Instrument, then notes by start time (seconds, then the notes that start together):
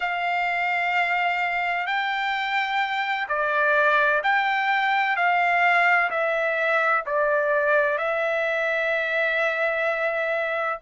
trumpet
0.00 F5
1.86 G5
3.28 D5
4.23 G5
5.16 F5
6.10 E5
7.06 D5
7.98 E5